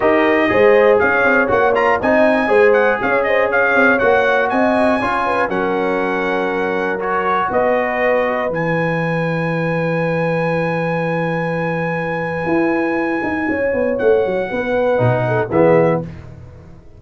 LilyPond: <<
  \new Staff \with { instrumentName = "trumpet" } { \time 4/4 \tempo 4 = 120 dis''2 f''4 fis''8 ais''8 | gis''4. fis''8 f''8 dis''8 f''4 | fis''4 gis''2 fis''4~ | fis''2 cis''4 dis''4~ |
dis''4 gis''2.~ | gis''1~ | gis''1 | fis''2. e''4 | }
  \new Staff \with { instrumentName = "horn" } { \time 4/4 ais'4 c''4 cis''2 | dis''4 c''4 cis''8 c''8 cis''4~ | cis''4 dis''4 cis''8 b'8 ais'4~ | ais'2. b'4~ |
b'1~ | b'1~ | b'2. cis''4~ | cis''4 b'4. a'8 gis'4 | }
  \new Staff \with { instrumentName = "trombone" } { \time 4/4 g'4 gis'2 fis'8 f'8 | dis'4 gis'2. | fis'2 f'4 cis'4~ | cis'2 fis'2~ |
fis'4 e'2.~ | e'1~ | e'1~ | e'2 dis'4 b4 | }
  \new Staff \with { instrumentName = "tuba" } { \time 4/4 dis'4 gis4 cis'8 c'8 ais4 | c'4 gis4 cis'4. c'8 | ais4 c'4 cis'4 fis4~ | fis2. b4~ |
b4 e2.~ | e1~ | e4 e'4. dis'8 cis'8 b8 | a8 fis8 b4 b,4 e4 | }
>>